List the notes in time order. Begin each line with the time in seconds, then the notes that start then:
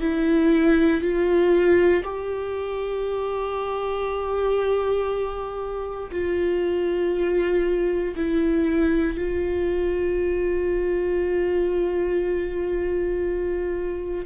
0.00 E4
1.01 F4
2.03 G4
6.11 F4
8.16 E4
9.17 F4